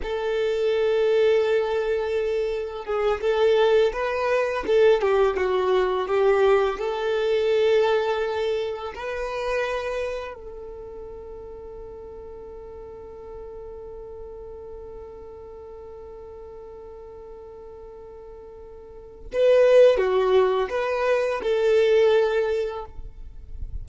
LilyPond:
\new Staff \with { instrumentName = "violin" } { \time 4/4 \tempo 4 = 84 a'1 | gis'8 a'4 b'4 a'8 g'8 fis'8~ | fis'8 g'4 a'2~ a'8~ | a'8 b'2 a'4.~ |
a'1~ | a'1~ | a'2. b'4 | fis'4 b'4 a'2 | }